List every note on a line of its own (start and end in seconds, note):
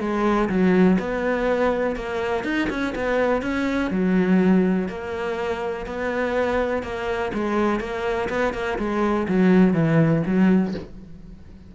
0.00 0.49 G#3
0.49 0.98 F#3
0.99 1.96 B3
1.96 2.44 A#3
2.44 2.69 D#4
2.70 2.94 C#4
2.95 3.42 B3
3.42 3.91 C#4
3.91 4.88 F#3
4.88 5.86 A#3
5.86 6.83 B3
6.83 7.32 A#3
7.34 7.80 G#3
7.80 8.29 A#3
8.29 8.53 B3
8.54 8.78 A#3
8.78 9.27 G#3
9.28 9.74 F#3
9.74 10.22 E3
10.26 10.75 F#3